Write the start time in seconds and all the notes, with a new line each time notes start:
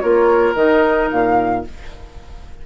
0.00 A#3 F4 A#4 C#5
0.55 D#3 D#4 D#5
1.11 A#2 F5